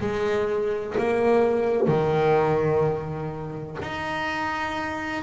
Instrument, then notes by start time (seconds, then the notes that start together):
double bass
0.00 G#3
0.97 A#3
1.87 D#3
3.82 D#4